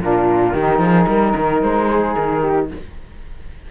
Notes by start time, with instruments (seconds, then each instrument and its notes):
0.00 cello A#2, saxophone D4, flute F4 A#4
0.53 cello D#3, saxophone D#4, flute G4
0.79 cello F3, flute G#4
1.07 cello G3, flute A#4
1.36 cello D#3
1.61 cello G#3, flute C5
1.89 flute G#4
2.14 cello D#3, flute A#4
2.41 flute G4